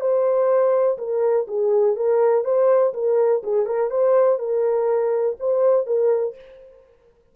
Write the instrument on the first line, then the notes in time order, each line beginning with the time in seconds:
horn
0.00 C5
0.98 A#4
1.47 G#4
1.96 A#4
2.44 C5
2.93 A#4
3.43 G#4
3.66 A#4
3.90 C5
4.39 A#4
5.39 C5
5.86 A#4